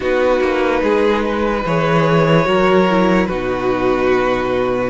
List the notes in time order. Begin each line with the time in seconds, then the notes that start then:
0.00 B3 D#4 F#4 B4
0.40 A#3
0.82 G#3 G#4
1.25 B4
1.65 E3 G#4 C#5
2.44 F#3 F#4 A#4
2.90 E4
3.26 B2 D#4 F#4 B4